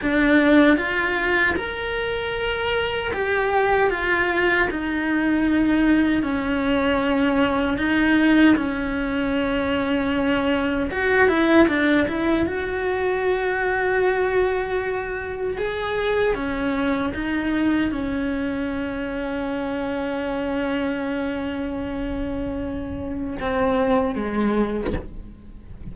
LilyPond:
\new Staff \with { instrumentName = "cello" } { \time 4/4 \tempo 4 = 77 d'4 f'4 ais'2 | g'4 f'4 dis'2 | cis'2 dis'4 cis'4~ | cis'2 fis'8 e'8 d'8 e'8 |
fis'1 | gis'4 cis'4 dis'4 cis'4~ | cis'1~ | cis'2 c'4 gis4 | }